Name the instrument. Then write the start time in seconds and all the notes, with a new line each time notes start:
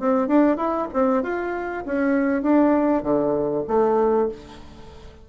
bassoon
0.00 C4
0.28 D4
0.57 E4
0.94 C4
1.23 F4
1.86 C#4
2.43 D4
3.03 D3
3.68 A3